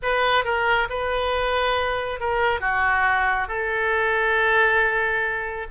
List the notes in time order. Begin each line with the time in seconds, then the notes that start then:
0.02 B4
0.44 A#4
0.89 B4
2.20 A#4
2.60 F#4
3.47 A4